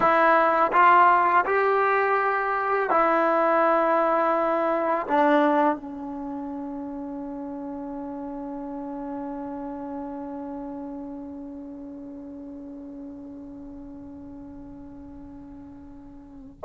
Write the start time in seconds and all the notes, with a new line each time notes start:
0.00 E4
0.72 F4
1.45 G4
2.89 E4
5.07 D4
5.75 C#4